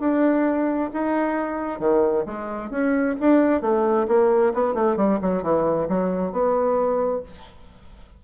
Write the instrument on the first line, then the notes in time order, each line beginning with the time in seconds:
bassoon
0.00 D4
0.94 D#4
1.79 D#3
2.26 G#3
2.70 C#4
3.20 D4
3.61 A3
4.08 A#3
4.54 B3
4.74 A3
4.97 G3
5.21 F#3
5.43 E3
5.89 F#3
6.32 B3